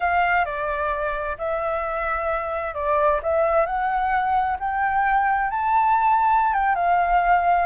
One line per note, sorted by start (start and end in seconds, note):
0.00 0.45 F5
0.45 1.37 D5
1.37 2.74 E5
2.74 3.20 D5
3.22 3.66 E5
3.66 4.57 F#5
4.59 5.50 G5
5.50 6.53 A5
6.53 6.75 G5
6.75 7.66 F5